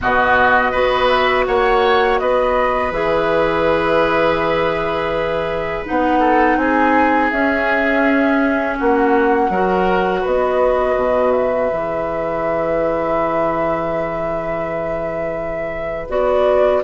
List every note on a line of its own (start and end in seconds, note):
0.01 0.74 B2
0.01 0.73 B3
0.01 0.71 F#4
0.01 1.08 D#5
0.71 1.47 B3
0.71 2.92 F#4
0.71 1.45 B4
1.08 1.44 E5
1.46 2.20 A#3
1.46 2.20 C#5
1.46 2.18 F#5
2.18 2.90 B3
2.18 6.19 B4
2.18 2.91 D#5
2.90 5.83 E3
2.90 5.85 G#4
2.90 5.85 E5
5.85 6.56 B3
5.85 7.32 D#4
5.85 6.57 F#5
6.19 6.56 A4
6.56 7.29 C4
6.56 8.78 G#4
6.56 7.30 G#5
7.30 8.79 C#4
7.30 9.52 C#4
7.30 8.77 E5
8.78 9.49 A#3
8.78 9.50 F#4
8.78 10.26 F#5
9.49 10.22 F#3
9.49 11.72 F#4
9.49 10.20 A#4
10.20 10.96 B3
10.20 16.79 B4
10.20 11.31 D#5
10.96 11.69 B2
11.31 16.07 E5
11.72 16.09 E3
11.72 16.08 G#4
16.08 16.82 B3
16.08 16.82 F#4
16.08 16.82 D5